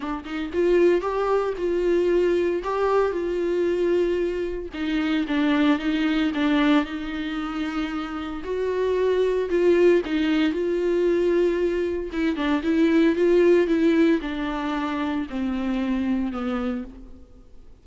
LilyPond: \new Staff \with { instrumentName = "viola" } { \time 4/4 \tempo 4 = 114 d'8 dis'8 f'4 g'4 f'4~ | f'4 g'4 f'2~ | f'4 dis'4 d'4 dis'4 | d'4 dis'2. |
fis'2 f'4 dis'4 | f'2. e'8 d'8 | e'4 f'4 e'4 d'4~ | d'4 c'2 b4 | }